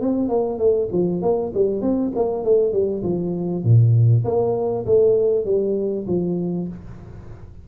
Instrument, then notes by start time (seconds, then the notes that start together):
tuba
0.00 C4
0.28 A#3
0.58 A3
0.91 F3
1.21 A#3
1.54 G3
1.81 C4
2.15 A#3
2.44 A3
2.72 G3
3.03 F3
3.63 A#2
4.24 A#3
4.85 A3
5.45 G3
6.07 F3